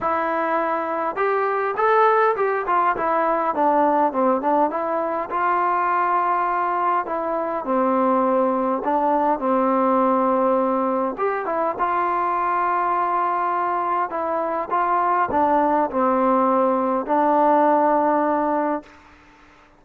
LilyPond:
\new Staff \with { instrumentName = "trombone" } { \time 4/4 \tempo 4 = 102 e'2 g'4 a'4 | g'8 f'8 e'4 d'4 c'8 d'8 | e'4 f'2. | e'4 c'2 d'4 |
c'2. g'8 e'8 | f'1 | e'4 f'4 d'4 c'4~ | c'4 d'2. | }